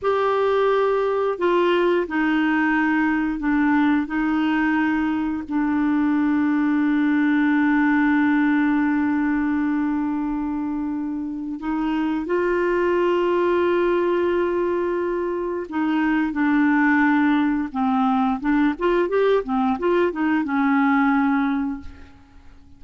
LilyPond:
\new Staff \with { instrumentName = "clarinet" } { \time 4/4 \tempo 4 = 88 g'2 f'4 dis'4~ | dis'4 d'4 dis'2 | d'1~ | d'1~ |
d'4 dis'4 f'2~ | f'2. dis'4 | d'2 c'4 d'8 f'8 | g'8 c'8 f'8 dis'8 cis'2 | }